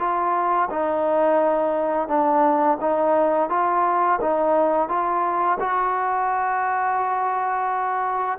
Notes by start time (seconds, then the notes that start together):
0.00 F4
0.71 D#4
2.09 D4
2.81 D#4
3.50 F4
4.21 D#4
4.89 F4
5.60 F#4